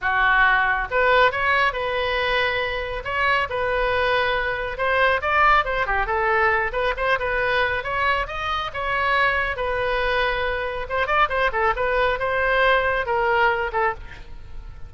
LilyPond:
\new Staff \with { instrumentName = "oboe" } { \time 4/4 \tempo 4 = 138 fis'2 b'4 cis''4 | b'2. cis''4 | b'2. c''4 | d''4 c''8 g'8 a'4. b'8 |
c''8 b'4. cis''4 dis''4 | cis''2 b'2~ | b'4 c''8 d''8 c''8 a'8 b'4 | c''2 ais'4. a'8 | }